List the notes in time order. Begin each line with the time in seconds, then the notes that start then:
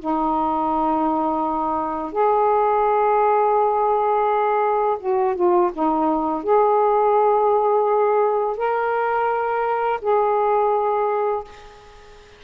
0.00 D#4
2.12 G#4
5.00 F#4
5.36 F4
5.74 D#4
6.44 G#4
8.57 A#4
10.02 G#4